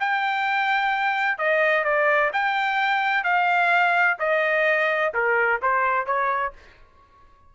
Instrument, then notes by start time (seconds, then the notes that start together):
trumpet
0.00 G5
1.38 D#5
1.84 D5
2.33 G5
3.24 F5
4.19 D#5
5.14 A#4
5.62 C5
6.06 C#5